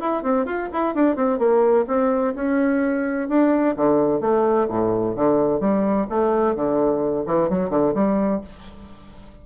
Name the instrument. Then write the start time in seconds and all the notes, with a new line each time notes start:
bassoon
0.00 E4
0.23 C4
0.45 F4
0.72 E4
0.94 D4
1.15 C4
1.38 A#3
1.87 C4
2.35 C#4
3.28 D4
3.76 D3
4.20 A3
4.68 A2
5.15 D3
5.60 G3
6.09 A3
6.55 D3
7.26 E3
7.49 F#3
7.70 D3
7.94 G3